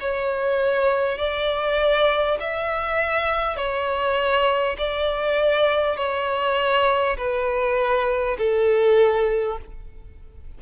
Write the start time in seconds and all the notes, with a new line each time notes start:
0.00 C#5
1.18 D5
2.40 E5
3.56 C#5
4.78 D5
5.97 C#5
7.17 B4
8.38 A4